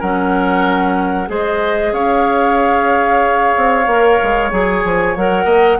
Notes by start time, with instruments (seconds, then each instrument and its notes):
0.00 bassoon F#3, clarinet C#4, oboe A#4, flute F#5
1.27 bassoon G#3, clarinet G#4, oboe C5, flute D#5
1.93 bassoon C#4, oboe C#5, flute F5
3.57 bassoon C4
3.87 bassoon A#3, clarinet A#4
4.23 bassoon G#3
4.51 bassoon F#3, clarinet G#4, flute G#5
4.85 bassoon F3
5.17 bassoon F#3, clarinet A#4, flute F#5
5.45 bassoon A#3, oboe D#5